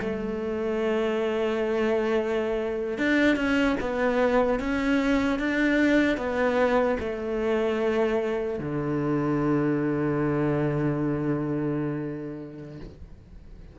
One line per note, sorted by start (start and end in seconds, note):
0.00 2.98 A3
2.98 3.36 D4
3.36 3.76 C#4
3.80 4.59 B3
4.59 5.39 C#4
5.39 6.17 D4
6.17 6.97 B3
6.99 8.59 A3
8.59 12.79 D3